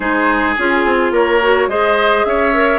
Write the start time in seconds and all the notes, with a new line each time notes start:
0.00 G#3 D#4 G#4 C5
0.56 C#4 F4 G#4
0.85 C4
1.11 A#3 A#4 C#5
1.41 F#4
1.67 G#3 G#4 C5 D#5
2.25 C#4 C#5 E5
2.53 A#4